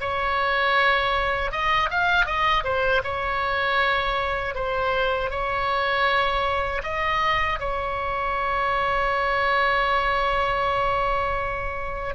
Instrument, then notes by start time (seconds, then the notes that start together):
oboe
0.00 C#5
1.52 D#5
1.90 F5
2.25 D#5
2.64 C5
3.03 C#5
4.55 C5
5.30 C#5
6.83 D#5
7.59 C#5